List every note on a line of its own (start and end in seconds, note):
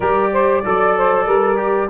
0.00 0.63 G3
0.00 0.64 G4
0.00 0.31 A#4
0.00 1.89 D5
0.32 0.64 C5
0.64 1.26 F#3
0.64 1.56 A4
0.64 0.97 D5
0.97 1.25 C5
1.25 1.89 G3
1.25 1.88 A#4
1.56 1.88 G4